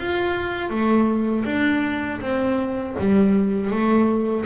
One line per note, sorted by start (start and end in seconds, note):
0.00 0.70 F4
0.70 1.45 A3
1.46 2.21 D4
2.21 2.96 C4
2.99 3.71 G3
3.71 4.46 A3